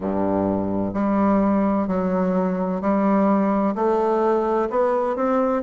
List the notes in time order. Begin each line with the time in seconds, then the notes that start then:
0.00 G2
0.93 G3
1.87 F#3
2.81 G3
3.75 A3
4.70 B3
5.16 C4